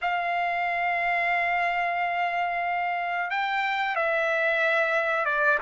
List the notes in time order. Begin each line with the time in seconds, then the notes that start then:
0.01 F5
3.30 G5
3.95 E5
5.25 D5